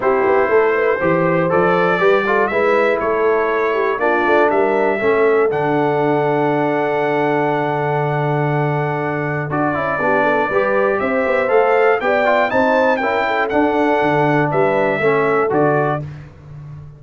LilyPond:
<<
  \new Staff \with { instrumentName = "trumpet" } { \time 4/4 \tempo 4 = 120 c''2. d''4~ | d''4 e''4 cis''2 | d''4 e''2 fis''4~ | fis''1~ |
fis''2. d''4~ | d''2 e''4 f''4 | g''4 a''4 g''4 fis''4~ | fis''4 e''2 d''4 | }
  \new Staff \with { instrumentName = "horn" } { \time 4/4 g'4 a'8 b'8 c''2 | b'8 a'8 b'4 a'4. g'8 | f'4 ais'4 a'2~ | a'1~ |
a'1 | g'8 a'8 b'4 c''2 | d''4 c''4 ais'8 a'4.~ | a'4 b'4 a'2 | }
  \new Staff \with { instrumentName = "trombone" } { \time 4/4 e'2 g'4 a'4 | g'8 f'8 e'2. | d'2 cis'4 d'4~ | d'1~ |
d'2. fis'8 e'8 | d'4 g'2 a'4 | g'8 f'8 dis'4 e'4 d'4~ | d'2 cis'4 fis'4 | }
  \new Staff \with { instrumentName = "tuba" } { \time 4/4 c'8 b8 a4 e4 f4 | g4 gis4 a2 | ais8 a8 g4 a4 d4~ | d1~ |
d2. d'8 cis'8 | b4 g4 c'8 b8 a4 | b4 c'4 cis'4 d'4 | d4 g4 a4 d4 | }
>>